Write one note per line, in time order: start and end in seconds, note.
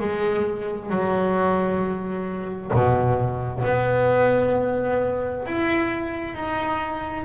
0.00 0.90 G#3
0.90 2.72 F#3
2.74 3.64 B2
3.64 5.46 B3
5.47 6.35 E4
6.35 7.25 D#4